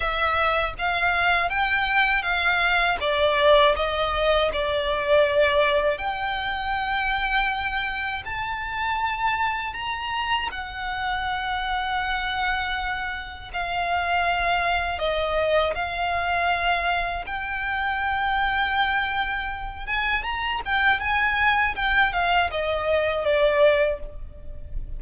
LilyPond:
\new Staff \with { instrumentName = "violin" } { \time 4/4 \tempo 4 = 80 e''4 f''4 g''4 f''4 | d''4 dis''4 d''2 | g''2. a''4~ | a''4 ais''4 fis''2~ |
fis''2 f''2 | dis''4 f''2 g''4~ | g''2~ g''8 gis''8 ais''8 g''8 | gis''4 g''8 f''8 dis''4 d''4 | }